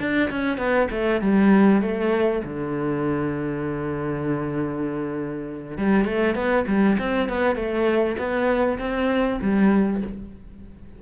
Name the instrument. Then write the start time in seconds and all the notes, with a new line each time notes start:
cello
0.00 D4
0.30 C#4
0.58 B3
0.91 A3
1.22 G3
1.82 A3
2.45 D3
5.78 G3
6.06 A3
6.36 B3
6.67 G3
6.99 C4
7.29 B3
7.56 A3
8.18 B3
8.79 C4
9.42 G3